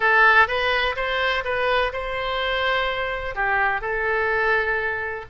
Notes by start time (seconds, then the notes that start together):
0.00 A4
0.47 B4
0.96 C5
1.44 B4
1.92 C5
3.35 G4
3.81 A4